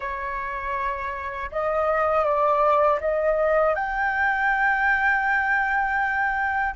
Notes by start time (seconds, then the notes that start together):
0.00 C#5
1.51 D#5
2.24 D5
3.00 D#5
3.74 G5